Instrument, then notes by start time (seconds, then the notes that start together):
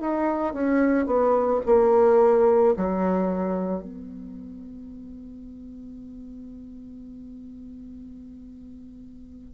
bassoon
0.00 D#4
0.53 C#4
1.06 B3
1.65 A#3
2.76 F#3
3.82 B3